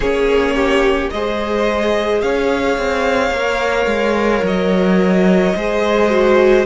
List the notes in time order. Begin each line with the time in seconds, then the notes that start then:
0.00 A#3 C#4 G#4 C#5
0.55 G4
1.10 G#3 G#4 C5 D#5
2.21 C#4 C#5 F5
2.77 C4
3.30 A#3 A#4
3.85 G#3
4.42 F#3 D#5
5.55 G#3 G#4 C5
6.09 F#4